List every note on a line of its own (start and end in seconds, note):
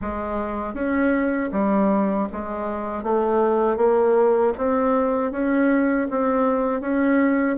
0.01 0.74 G#3
0.74 1.50 C#4
1.52 2.28 G3
2.32 3.03 G#3
3.03 3.76 A3
3.76 4.52 A#3
4.57 5.31 C4
5.31 6.07 C#4
6.10 6.80 C4
6.80 7.56 C#4